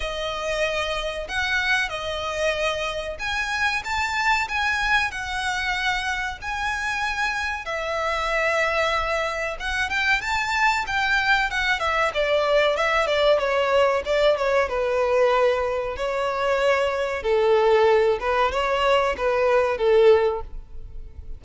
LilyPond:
\new Staff \with { instrumentName = "violin" } { \time 4/4 \tempo 4 = 94 dis''2 fis''4 dis''4~ | dis''4 gis''4 a''4 gis''4 | fis''2 gis''2 | e''2. fis''8 g''8 |
a''4 g''4 fis''8 e''8 d''4 | e''8 d''8 cis''4 d''8 cis''8 b'4~ | b'4 cis''2 a'4~ | a'8 b'8 cis''4 b'4 a'4 | }